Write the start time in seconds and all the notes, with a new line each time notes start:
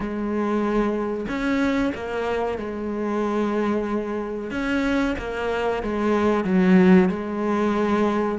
0.00 G#3
1.28 C#4
1.94 A#3
2.57 G#3
4.50 C#4
5.18 A#3
5.82 G#3
6.44 F#3
7.09 G#3